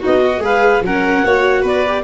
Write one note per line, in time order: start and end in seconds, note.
0.00 0.21 D#4
0.00 0.40 F#4
0.00 0.44 D#5
0.06 0.39 B3
0.26 0.43 F#4
0.39 0.79 G#3
0.39 0.81 G#4
0.39 0.84 B4
0.39 0.85 F5
0.82 1.23 F#3
0.82 1.26 C#4
0.82 1.25 A#4
0.82 1.67 F#5
1.24 1.64 A#3
1.24 1.86 F#4
1.24 1.62 C#5
1.62 2.04 B3
1.62 2.03 B4
1.62 2.04 D5
1.87 2.04 G4